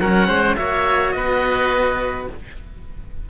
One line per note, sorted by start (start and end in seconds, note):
0.00 0.27 F#3
0.00 0.57 C#4
0.00 0.27 A#4
0.00 0.56 F#5
0.27 0.56 G#3
0.27 0.55 C5
0.56 1.14 A#3
0.56 2.27 F#4
0.56 1.15 C#5
0.56 1.11 E5
1.11 2.28 B3
1.11 2.29 B4
1.11 2.24 D#5